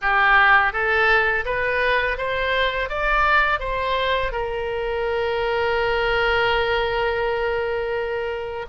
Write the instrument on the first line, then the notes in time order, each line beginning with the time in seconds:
oboe
0.01 G4
0.72 A4
1.45 B4
2.17 C5
2.89 D5
3.59 C5
4.32 A#4